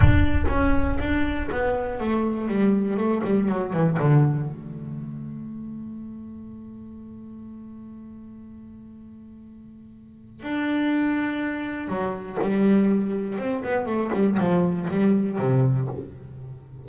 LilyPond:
\new Staff \with { instrumentName = "double bass" } { \time 4/4 \tempo 4 = 121 d'4 cis'4 d'4 b4 | a4 g4 a8 g8 fis8 e8 | d4 a2.~ | a1~ |
a1~ | a4 d'2. | fis4 g2 c'8 b8 | a8 g8 f4 g4 c4 | }